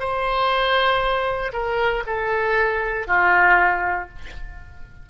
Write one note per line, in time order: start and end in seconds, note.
0.00 1.53 C5
1.53 2.04 A#4
2.07 3.07 A4
3.07 4.09 F4